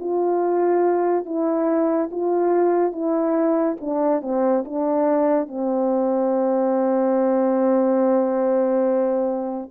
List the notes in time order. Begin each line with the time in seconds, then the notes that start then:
0.00 F4
1.25 E4
2.12 F4
2.92 E4
3.81 D4
4.22 C4
4.65 D4
5.48 C4